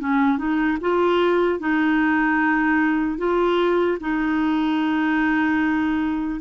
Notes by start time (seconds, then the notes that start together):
0.00 C#4
0.38 D#4
0.81 F4
1.59 D#4
3.18 F4
4.00 D#4